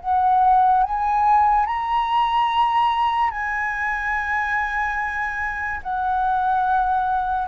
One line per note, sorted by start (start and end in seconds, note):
0.00 0.83 F#5
0.83 1.66 G#5
1.66 3.30 A#5
3.30 5.80 G#5
5.83 7.48 F#5